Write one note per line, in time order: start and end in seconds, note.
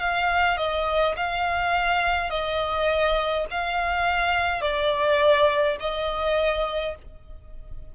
0.00 0.58 F5
0.58 1.15 D#5
1.16 2.30 F5
2.30 3.46 D#5
3.51 4.62 F5
4.62 5.77 D5
5.80 6.95 D#5